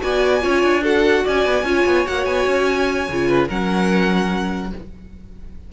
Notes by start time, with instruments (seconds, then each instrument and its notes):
0.00 cello B3, viola F#4, violin D5 G#5
0.41 cello C#4, viola F4, violin C#5
0.62 cello D4
0.83 viola F#4, violin A4 F#5
1.24 cello C#4, violin D5 G#5
1.45 cello B3
1.63 cello C#4, viola F4, violin C#5
1.86 cello B3
2.06 cello A#3, viola F#4, violin F#5
2.25 cello B3, violin G#5
2.47 cello C#4
3.08 cello C#3, viola F4
3.28 violin B4
3.48 cello F#3, viola C#4, violin A#4 F#5